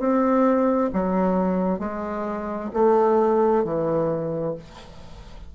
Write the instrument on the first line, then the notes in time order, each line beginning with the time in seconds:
bassoon
0.00 C4
0.93 F#3
1.80 G#3
2.74 A3
3.64 E3